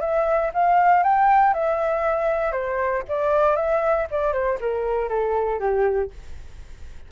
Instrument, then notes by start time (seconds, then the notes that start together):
flute
0.00 E5
0.53 F5
1.03 G5
1.53 E5
2.51 C5
3.08 D5
3.56 E5
4.10 D5
4.32 C5
4.60 A#4
5.08 A4
5.59 G4